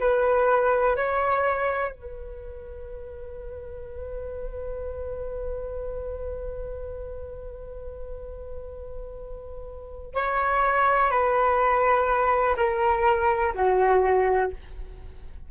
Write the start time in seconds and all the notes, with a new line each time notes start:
0.00 B4
0.96 C#5
1.92 B4
10.15 C#5
11.11 B4
12.57 A#4
13.54 F#4